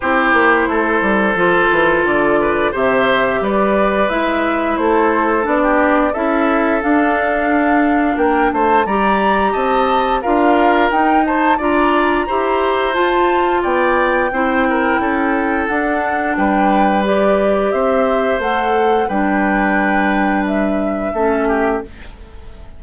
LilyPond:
<<
  \new Staff \with { instrumentName = "flute" } { \time 4/4 \tempo 4 = 88 c''2. d''4 | e''4 d''4 e''4 c''4 | d''4 e''4 f''2 | g''8 a''8 ais''4 a''4 f''4 |
g''8 a''8 ais''2 a''4 | g''2. fis''4 | g''4 d''4 e''4 fis''4 | g''2 e''2 | }
  \new Staff \with { instrumentName = "oboe" } { \time 4/4 g'4 a'2~ a'8 b'8 | c''4 b'2 a'4~ | a'16 g'8. a'2. | ais'8 c''8 d''4 dis''4 ais'4~ |
ais'8 c''8 d''4 c''2 | d''4 c''8 ais'8 a'2 | b'2 c''2 | b'2. a'8 g'8 | }
  \new Staff \with { instrumentName = "clarinet" } { \time 4/4 e'2 f'2 | g'2 e'2 | d'4 e'4 d'2~ | d'4 g'2 f'4 |
dis'4 f'4 g'4 f'4~ | f'4 e'2 d'4~ | d'4 g'2 a'4 | d'2. cis'4 | }
  \new Staff \with { instrumentName = "bassoon" } { \time 4/4 c'8 ais8 a8 g8 f8 e8 d4 | c4 g4 gis4 a4 | b4 cis'4 d'2 | ais8 a8 g4 c'4 d'4 |
dis'4 d'4 e'4 f'4 | b4 c'4 cis'4 d'4 | g2 c'4 a4 | g2. a4 | }
>>